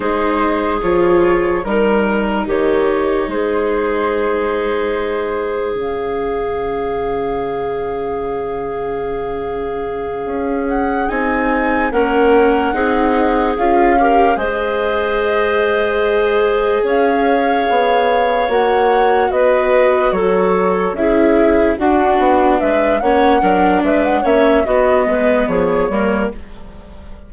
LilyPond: <<
  \new Staff \with { instrumentName = "flute" } { \time 4/4 \tempo 4 = 73 c''4 cis''4 ais'4 cis''4 | c''2. f''4~ | f''1~ | f''4 fis''8 gis''4 fis''4.~ |
fis''8 f''4 dis''2~ dis''8~ | dis''8 f''2 fis''4 dis''8~ | dis''8 cis''4 e''4 fis''4 e''8 | fis''4 e''16 fis''16 e''8 dis''4 cis''4 | }
  \new Staff \with { instrumentName = "clarinet" } { \time 4/4 gis'2 ais'4 g'4 | gis'1~ | gis'1~ | gis'2~ gis'8 ais'4 gis'8~ |
gis'4 ais'8 c''2~ c''8~ | c''8 cis''2. b'8~ | b'8 a'4 gis'4 fis'4 b'8 | cis''8 ais'8 b'8 cis''8 fis'8 b'8 gis'8 ais'8 | }
  \new Staff \with { instrumentName = "viola" } { \time 4/4 dis'4 f'4 dis'2~ | dis'2. cis'4~ | cis'1~ | cis'4. dis'4 cis'4 dis'8~ |
dis'8 f'8 g'8 gis'2~ gis'8~ | gis'2~ gis'8 fis'4.~ | fis'4. e'4 d'4. | cis'8 d'4 cis'8 b4. ais8 | }
  \new Staff \with { instrumentName = "bassoon" } { \time 4/4 gis4 f4 g4 dis4 | gis2. cis4~ | cis1~ | cis8 cis'4 c'4 ais4 c'8~ |
c'8 cis'4 gis2~ gis8~ | gis8 cis'4 b4 ais4 b8~ | b8 fis4 cis'4 d'8 b8 gis8 | ais8 fis8 gis8 ais8 b8 gis8 f8 g8 | }
>>